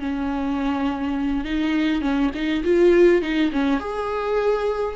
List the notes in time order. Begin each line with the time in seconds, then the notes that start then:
0.00 C#4
1.45 D#4
2.02 C#4
2.35 D#4
2.65 F4
3.22 D#4
3.52 C#4
3.80 G#4